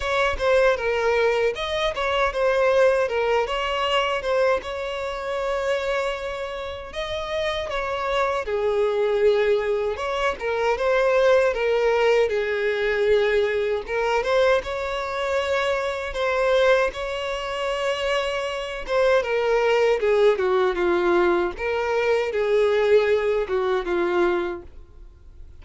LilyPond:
\new Staff \with { instrumentName = "violin" } { \time 4/4 \tempo 4 = 78 cis''8 c''8 ais'4 dis''8 cis''8 c''4 | ais'8 cis''4 c''8 cis''2~ | cis''4 dis''4 cis''4 gis'4~ | gis'4 cis''8 ais'8 c''4 ais'4 |
gis'2 ais'8 c''8 cis''4~ | cis''4 c''4 cis''2~ | cis''8 c''8 ais'4 gis'8 fis'8 f'4 | ais'4 gis'4. fis'8 f'4 | }